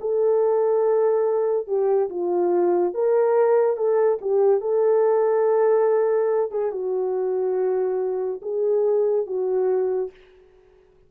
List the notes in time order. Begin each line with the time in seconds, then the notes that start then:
0.00 A4
1.67 G4
2.09 F4
2.94 A#4
3.76 A4
4.21 G4
4.61 A4
6.51 G#4
6.71 F#4
8.42 G#4
9.26 F#4